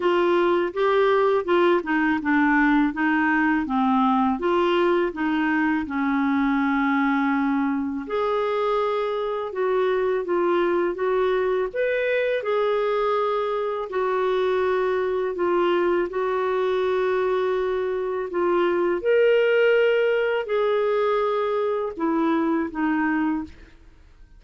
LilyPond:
\new Staff \with { instrumentName = "clarinet" } { \time 4/4 \tempo 4 = 82 f'4 g'4 f'8 dis'8 d'4 | dis'4 c'4 f'4 dis'4 | cis'2. gis'4~ | gis'4 fis'4 f'4 fis'4 |
b'4 gis'2 fis'4~ | fis'4 f'4 fis'2~ | fis'4 f'4 ais'2 | gis'2 e'4 dis'4 | }